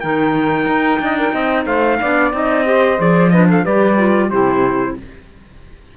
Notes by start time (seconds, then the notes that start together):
0.00 D#3 D#4 A#4 G5
0.66 D#4
1.00 D4 D#5
1.19 A#4
1.33 C4 D#5
1.66 A3 C5 F5
2.00 B3 D4 D5
2.32 C4 D#4 D#5
2.65 G4 C5
2.98 F3 G#4 D5
3.30 D4 B4 D#5
3.49 A4 F5
3.63 G3 G4 B4 D5
3.97 F4
4.28 C3 E4 G4 C5